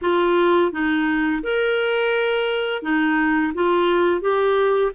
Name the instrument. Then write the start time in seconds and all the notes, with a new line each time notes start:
clarinet
0.01 F4
0.72 D#4
1.43 A#4
2.82 D#4
3.54 F4
4.21 G4